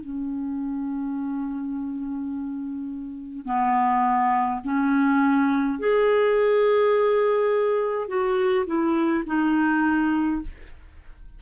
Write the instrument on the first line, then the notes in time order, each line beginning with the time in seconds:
clarinet
0.00 C#4
3.45 B3
4.64 C#4
5.79 G#4
8.08 F#4
8.66 E4
9.26 D#4